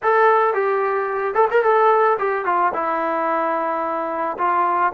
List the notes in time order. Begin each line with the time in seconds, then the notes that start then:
0.02 A4
0.54 G4
1.34 A4
1.50 A#4
1.63 A4
2.18 G4
2.45 F4
2.73 E4
4.38 F4